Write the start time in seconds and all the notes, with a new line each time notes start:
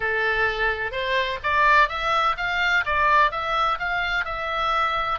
0.00 A4
0.91 C5
1.43 D5
1.89 E5
2.37 F5
2.85 D5
3.31 E5
3.79 F5
4.24 E5